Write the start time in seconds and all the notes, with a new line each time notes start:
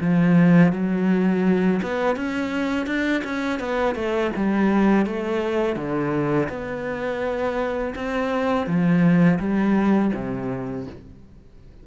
0.00 F3
0.72 F#3
1.82 B3
2.16 C#4
2.86 D4
3.24 C#4
3.59 B3
3.95 A3
4.36 G3
5.06 A3
5.76 D3
6.49 B3
7.95 C4
8.66 F3
9.39 G3
10.14 C3